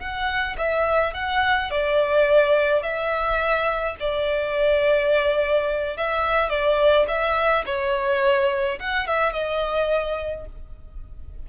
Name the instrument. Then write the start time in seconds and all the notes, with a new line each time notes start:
violin
0.00 F#5
0.58 E5
1.14 F#5
1.71 D5
2.83 E5
4.00 D5
5.97 E5
6.50 D5
7.08 E5
7.66 C#5
8.80 F#5
9.07 E5
9.33 D#5